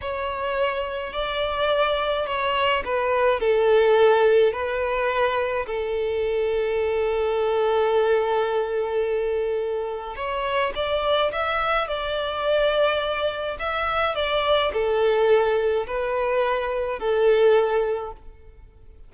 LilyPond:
\new Staff \with { instrumentName = "violin" } { \time 4/4 \tempo 4 = 106 cis''2 d''2 | cis''4 b'4 a'2 | b'2 a'2~ | a'1~ |
a'2 cis''4 d''4 | e''4 d''2. | e''4 d''4 a'2 | b'2 a'2 | }